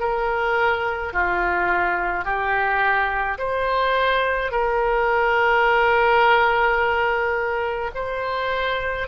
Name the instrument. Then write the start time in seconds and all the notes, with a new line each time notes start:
oboe
0.00 A#4
1.13 F4
2.24 G4
3.38 C5
4.51 A#4
7.95 C5